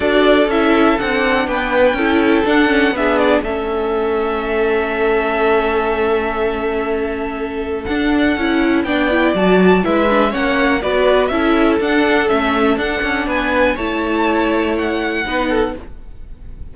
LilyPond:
<<
  \new Staff \with { instrumentName = "violin" } { \time 4/4 \tempo 4 = 122 d''4 e''4 fis''4 g''4~ | g''4 fis''4 e''8 d''8 e''4~ | e''1~ | e''1 |
fis''2 g''4 a''4 | e''4 fis''4 d''4 e''4 | fis''4 e''4 fis''4 gis''4 | a''2 fis''2 | }
  \new Staff \with { instrumentName = "violin" } { \time 4/4 a'2. b'4 | a'2 gis'4 a'4~ | a'1~ | a'1~ |
a'2 d''2 | b'4 cis''4 b'4 a'4~ | a'2. b'4 | cis''2. b'8 a'8 | }
  \new Staff \with { instrumentName = "viola" } { \time 4/4 fis'4 e'4 d'2 | e'4 d'8 cis'8 d'4 cis'4~ | cis'1~ | cis'1 |
d'4 e'4 d'8 e'8 fis'4 | e'8 d'8 cis'4 fis'4 e'4 | d'4 cis'4 d'2 | e'2. dis'4 | }
  \new Staff \with { instrumentName = "cello" } { \time 4/4 d'4 cis'4 c'4 b4 | cis'4 d'4 b4 a4~ | a1~ | a1 |
d'4 cis'4 b4 fis4 | gis4 ais4 b4 cis'4 | d'4 a4 d'8 cis'8 b4 | a2. b4 | }
>>